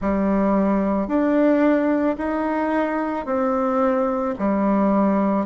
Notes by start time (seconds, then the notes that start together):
0.00 G3
1.07 D4
2.17 D#4
3.25 C4
4.38 G3